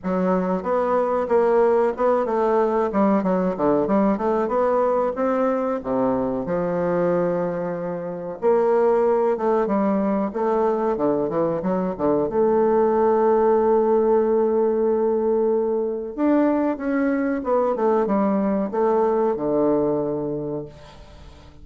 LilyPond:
\new Staff \with { instrumentName = "bassoon" } { \time 4/4 \tempo 4 = 93 fis4 b4 ais4 b8 a8~ | a8 g8 fis8 d8 g8 a8 b4 | c'4 c4 f2~ | f4 ais4. a8 g4 |
a4 d8 e8 fis8 d8 a4~ | a1~ | a4 d'4 cis'4 b8 a8 | g4 a4 d2 | }